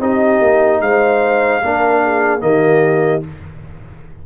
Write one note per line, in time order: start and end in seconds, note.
0.00 0.41 C4
0.00 1.63 D#4
0.00 0.82 G4
0.00 0.82 D#5
0.42 0.81 A#3
0.81 1.62 G#3
0.81 1.62 C5
0.81 2.42 F5
1.62 2.42 A#3
1.62 2.40 D4
1.62 2.03 A#4
2.04 2.44 G#4
2.40 3.23 D#3
2.40 3.21 A#3
2.40 3.26 G4
2.40 3.23 D#5